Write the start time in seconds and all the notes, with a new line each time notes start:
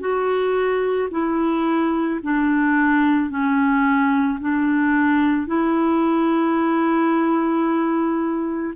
0.00 F#4
1.11 E4
2.23 D4
3.30 C#4
4.40 D4
5.47 E4